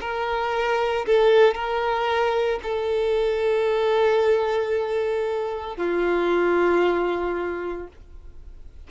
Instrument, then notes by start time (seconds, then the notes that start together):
violin
0.00 A#4
1.06 A4
1.54 A#4
2.63 A4
5.77 F4